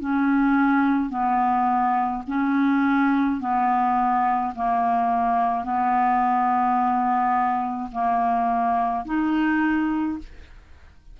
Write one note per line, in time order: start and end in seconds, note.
0.00 1.10 C#4
1.10 2.23 B3
2.27 3.40 C#4
3.40 4.53 B3
4.55 5.64 A#3
5.64 7.90 B3
7.91 9.05 A#3
9.05 10.18 D#4